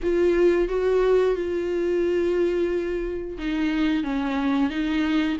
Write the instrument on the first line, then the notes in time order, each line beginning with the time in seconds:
viola
0.02 F4
0.68 F#4
1.35 F4
3.38 D#4
4.03 C#4
4.69 D#4